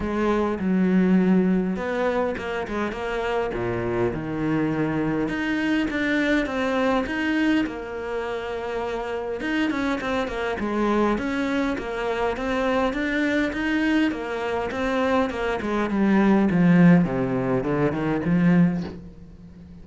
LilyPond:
\new Staff \with { instrumentName = "cello" } { \time 4/4 \tempo 4 = 102 gis4 fis2 b4 | ais8 gis8 ais4 ais,4 dis4~ | dis4 dis'4 d'4 c'4 | dis'4 ais2. |
dis'8 cis'8 c'8 ais8 gis4 cis'4 | ais4 c'4 d'4 dis'4 | ais4 c'4 ais8 gis8 g4 | f4 c4 d8 dis8 f4 | }